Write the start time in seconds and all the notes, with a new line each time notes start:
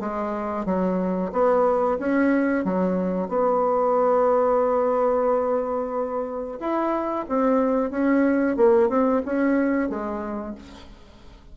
0.00 G#3
0.66 F#3
1.32 B3
1.99 C#4
2.65 F#3
3.29 B3
6.60 E4
7.29 C4
7.91 C#4
8.57 A#3
8.89 C4
9.26 C#4
9.90 G#3